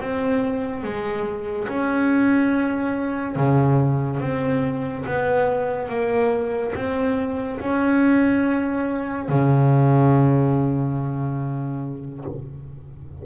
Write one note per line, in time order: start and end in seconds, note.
0.00 0.83 C4
0.83 1.68 G#3
1.68 3.36 C#4
3.36 4.20 C#3
4.20 5.04 C4
5.06 5.89 B3
5.89 6.73 A#3
6.75 7.59 C4
7.59 9.28 C#4
9.28 12.24 C#3